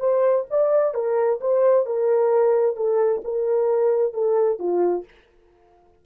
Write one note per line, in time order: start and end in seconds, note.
0.00 0.45 C5
0.51 0.95 D5
0.95 1.40 A#4
1.40 1.86 C5
1.86 2.76 A#4
2.76 3.22 A4
3.25 4.14 A#4
4.14 4.59 A4
4.59 5.05 F4